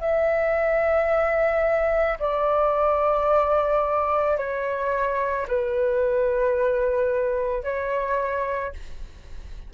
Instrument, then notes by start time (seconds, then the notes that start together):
flute
0.00 E5
2.19 D5
4.37 C#5
5.48 B4
7.64 C#5